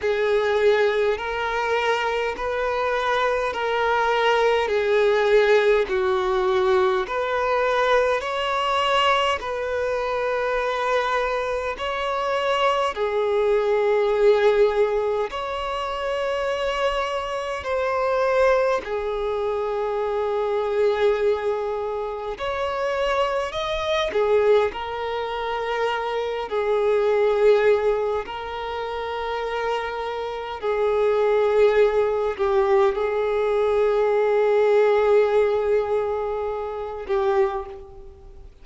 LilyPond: \new Staff \with { instrumentName = "violin" } { \time 4/4 \tempo 4 = 51 gis'4 ais'4 b'4 ais'4 | gis'4 fis'4 b'4 cis''4 | b'2 cis''4 gis'4~ | gis'4 cis''2 c''4 |
gis'2. cis''4 | dis''8 gis'8 ais'4. gis'4. | ais'2 gis'4. g'8 | gis'2.~ gis'8 g'8 | }